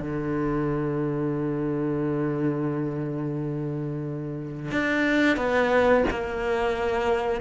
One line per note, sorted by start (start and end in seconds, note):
0.00 4.71 D3
4.71 5.37 D4
5.37 6.04 B3
6.10 7.41 A#3